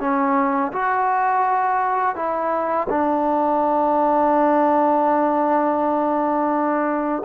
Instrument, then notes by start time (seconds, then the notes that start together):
trombone
0.00 C#4
0.73 F#4
2.16 E4
2.89 D4